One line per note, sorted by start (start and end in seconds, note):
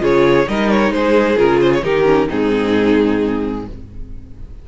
0.00 0.46 C#3
0.00 0.45 F4
0.00 0.48 G#4
0.00 0.49 C#5
0.48 0.91 G3
0.48 1.37 D#4
0.48 0.94 A#4
0.48 0.71 D#5
0.71 0.93 C#5
0.91 1.37 G#3
0.91 1.84 G#4
0.91 1.38 C5
1.37 1.83 C#3
1.37 1.82 F4
1.37 1.61 A#4
1.61 1.73 C5
1.73 1.84 C#5
1.83 2.29 D#3
1.83 2.05 D#4
1.83 2.28 G4
1.83 2.29 A#4
2.05 2.28 C#4
2.28 3.68 G#2
2.28 3.66 C4
2.28 3.65 D#4
2.28 3.67 G#4